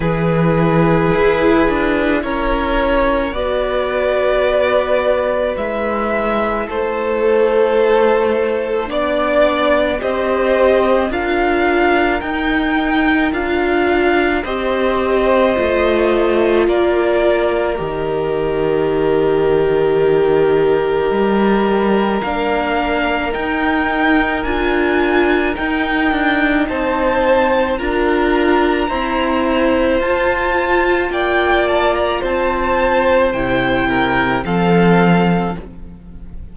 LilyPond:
<<
  \new Staff \with { instrumentName = "violin" } { \time 4/4 \tempo 4 = 54 b'2 cis''4 d''4~ | d''4 e''4 c''2 | d''4 dis''4 f''4 g''4 | f''4 dis''2 d''4 |
dis''1 | f''4 g''4 gis''4 g''4 | a''4 ais''2 a''4 | g''8 a''16 ais''16 a''4 g''4 f''4 | }
  \new Staff \with { instrumentName = "violin" } { \time 4/4 gis'2 ais'4 b'4~ | b'2 a'2 | d''4 c''4 ais'2~ | ais'4 c''2 ais'4~ |
ais'1~ | ais'1 | c''4 ais'4 c''2 | d''4 c''4. ais'8 a'4 | }
  \new Staff \with { instrumentName = "viola" } { \time 4/4 e'2. fis'4~ | fis'4 e'2. | d'4 g'4 f'4 dis'4 | f'4 g'4 f'2 |
g'1 | d'4 dis'4 f'4 dis'4~ | dis'4 f'4 c'4 f'4~ | f'2 e'4 c'4 | }
  \new Staff \with { instrumentName = "cello" } { \time 4/4 e4 e'8 d'8 cis'4 b4~ | b4 gis4 a2 | b4 c'4 d'4 dis'4 | d'4 c'4 a4 ais4 |
dis2. g4 | ais4 dis'4 d'4 dis'8 d'8 | c'4 d'4 e'4 f'4 | ais4 c'4 c4 f4 | }
>>